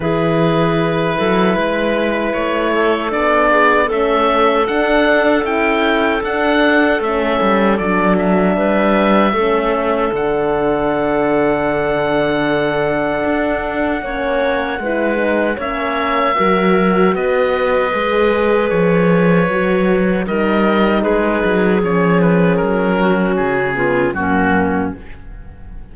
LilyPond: <<
  \new Staff \with { instrumentName = "oboe" } { \time 4/4 \tempo 4 = 77 b'2. cis''4 | d''4 e''4 fis''4 g''4 | fis''4 e''4 d''8 e''4.~ | e''4 fis''2.~ |
fis''1 | e''2 dis''2 | cis''2 dis''4 b'4 | cis''8 b'8 ais'4 gis'4 fis'4 | }
  \new Staff \with { instrumentName = "clarinet" } { \time 4/4 gis'4. a'8 b'4. a'8~ | a'8 gis'8 a'2.~ | a'2. b'4 | a'1~ |
a'2 cis''4 b'4 | cis''4 ais'4 b'2~ | b'2 ais'4 gis'4~ | gis'4. fis'4 f'8 cis'4 | }
  \new Staff \with { instrumentName = "horn" } { \time 4/4 e'1 | d'4 cis'4 d'4 e'4 | d'4 cis'4 d'2 | cis'4 d'2.~ |
d'2 cis'4 e'8 dis'8 | cis'4 fis'2 gis'4~ | gis'4 fis'4 dis'2 | cis'2~ cis'8 b8 ais4 | }
  \new Staff \with { instrumentName = "cello" } { \time 4/4 e4. fis8 gis4 a4 | b4 a4 d'4 cis'4 | d'4 a8 g8 fis4 g4 | a4 d2.~ |
d4 d'4 ais4 gis4 | ais4 fis4 b4 gis4 | f4 fis4 g4 gis8 fis8 | f4 fis4 cis4 fis,4 | }
>>